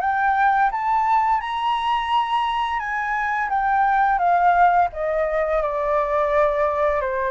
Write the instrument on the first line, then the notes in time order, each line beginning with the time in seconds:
flute
0.00 G5
0.71 A5
1.40 A#5
2.79 G#5
3.49 G5
4.18 F5
4.92 D#5
5.62 D5
7.01 C5